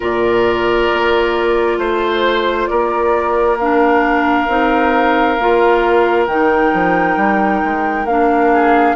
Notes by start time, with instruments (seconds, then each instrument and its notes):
0.00 bassoon A#2, clarinet F4, oboe A#4, flute D5
0.93 bassoon A#3
1.78 bassoon A3, flute C5, oboe C5
2.67 bassoon A#3, oboe A#4, flute D5
3.59 clarinet D4, flute F5
4.48 bassoon C4, clarinet D#4
5.38 bassoon A#3, clarinet F4
6.26 bassoon D#3, clarinet D#4, flute G5
6.73 bassoon F3
7.16 bassoon G3
7.64 bassoon G#3
8.05 bassoon A#3, clarinet D4, flute F5
8.52 oboe G#4